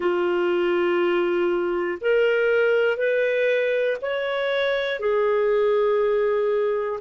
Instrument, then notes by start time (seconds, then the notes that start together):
clarinet
0.00 F4
2.00 A#4
2.97 B4
4.01 C#5
5.00 G#4